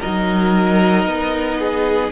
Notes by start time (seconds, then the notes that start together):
0.00 F#3 D#4 A#4 D#5
1.05 B3
1.59 G#4